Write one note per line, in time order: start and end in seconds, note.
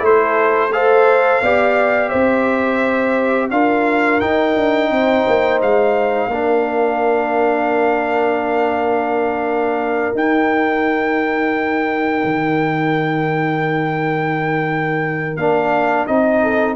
0.00 1.40 A3
0.00 0.70 E4
0.00 0.74 A4
0.00 0.73 C5
0.73 1.43 A4
0.73 1.43 C5
0.73 2.09 F5
1.42 2.12 B3
1.42 3.51 G4
1.42 2.10 D5
2.09 3.51 C4
2.09 3.50 C5
2.09 3.49 E5
3.51 4.21 D4
3.51 4.21 F4
3.51 4.91 A#4
3.51 4.21 F5
4.21 4.56 D#4
4.21 6.31 D#4
4.21 5.60 G5
4.57 4.90 D4
4.90 5.25 C4
4.90 6.31 C5
5.27 5.62 A#3
5.62 6.28 G#3
5.62 10.16 F5
6.28 10.11 A#3
6.28 10.14 D4
6.28 16.42 A#4
10.14 15.37 D#4
10.14 12.24 D#4
10.14 15.37 G5
12.24 15.36 D#3
15.36 16.06 A#3
15.36 16.08 D4
15.36 16.07 F5
16.07 16.76 C4
16.07 16.76 D#4
16.07 16.76 D#5
16.42 16.76 A4